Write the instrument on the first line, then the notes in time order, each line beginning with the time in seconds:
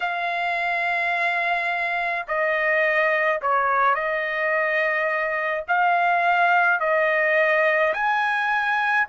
trumpet
0.00 F5
2.27 D#5
3.41 C#5
3.94 D#5
5.68 F5
6.80 D#5
7.93 G#5